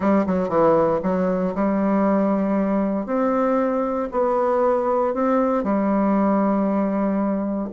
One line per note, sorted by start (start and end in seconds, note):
0.00 0.25 G3
0.26 0.48 F#3
0.48 1.00 E3
1.03 1.54 F#3
1.55 3.06 G3
3.06 4.08 C4
4.11 5.14 B3
5.14 5.63 C4
5.63 7.68 G3